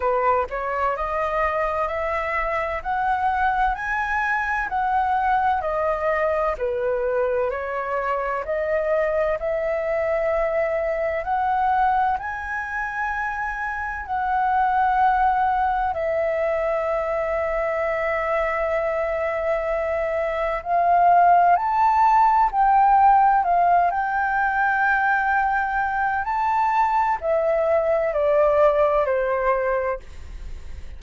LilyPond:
\new Staff \with { instrumentName = "flute" } { \time 4/4 \tempo 4 = 64 b'8 cis''8 dis''4 e''4 fis''4 | gis''4 fis''4 dis''4 b'4 | cis''4 dis''4 e''2 | fis''4 gis''2 fis''4~ |
fis''4 e''2.~ | e''2 f''4 a''4 | g''4 f''8 g''2~ g''8 | a''4 e''4 d''4 c''4 | }